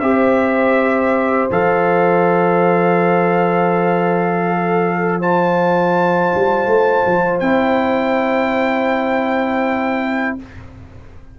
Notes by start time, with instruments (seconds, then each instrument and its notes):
0.00 tuba C4, trombone G4, trumpet E5
0.06 horn C5
1.50 tuba F3, trombone A4, trumpet F5
4.45 horn A4
5.19 trombone F4, horn C5, trumpet A5
6.34 tuba G3
6.66 tuba A3
7.06 tuba F3
7.40 tuba C4, trombone E4, trumpet G5